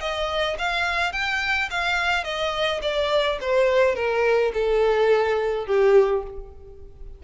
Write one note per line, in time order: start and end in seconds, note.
0.00 0.57 D#5
0.58 1.12 F5
1.12 1.69 G5
1.70 2.24 F5
2.24 2.80 D#5
2.82 3.38 D5
3.40 3.95 C5
3.95 4.52 A#4
4.53 5.66 A4
5.66 6.23 G4